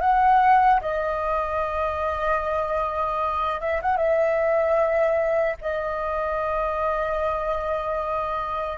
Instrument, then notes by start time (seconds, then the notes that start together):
flute
0.00 F#5
0.81 D#5
3.60 E5
3.82 F#5
3.96 E5
5.61 D#5